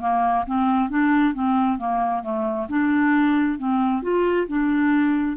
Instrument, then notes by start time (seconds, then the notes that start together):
clarinet
0.00 A#3
0.46 C4
0.89 D4
1.34 C4
1.78 A#3
2.23 A3
2.68 D4
3.58 C4
4.02 F4
4.47 D4